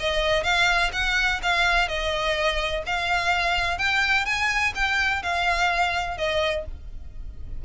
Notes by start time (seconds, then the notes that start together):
0.00 D#5
0.44 F5
0.93 F#5
1.43 F5
1.88 D#5
2.86 F5
3.78 G5
4.26 G#5
4.75 G5
5.23 F5
6.18 D#5